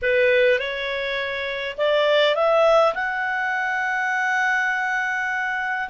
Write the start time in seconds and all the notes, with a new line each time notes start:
0.02 B4
0.58 C#5
1.77 D5
2.35 E5
2.94 F#5